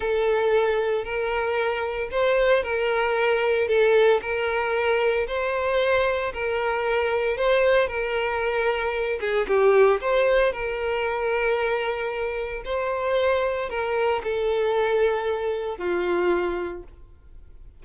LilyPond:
\new Staff \with { instrumentName = "violin" } { \time 4/4 \tempo 4 = 114 a'2 ais'2 | c''4 ais'2 a'4 | ais'2 c''2 | ais'2 c''4 ais'4~ |
ais'4. gis'8 g'4 c''4 | ais'1 | c''2 ais'4 a'4~ | a'2 f'2 | }